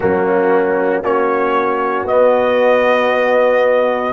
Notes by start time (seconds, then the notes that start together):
0.00 F#3 A#3 C#4 F#4
1.03 A#3 C#4 F#4 C#5
2.04 B3 D#5